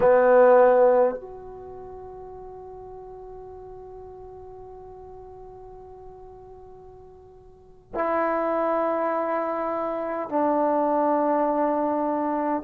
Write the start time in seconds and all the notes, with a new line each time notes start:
0.00 B3
1.15 F#4
7.94 E4
10.29 D4